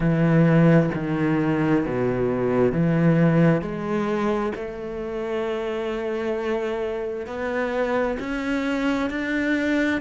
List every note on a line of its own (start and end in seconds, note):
0.00 0.90 E3
0.94 1.85 D#3
1.85 2.72 B2
2.72 3.61 E3
3.61 4.52 G#3
4.55 7.26 A3
7.26 8.17 B3
8.19 9.10 C#4
9.10 10.00 D4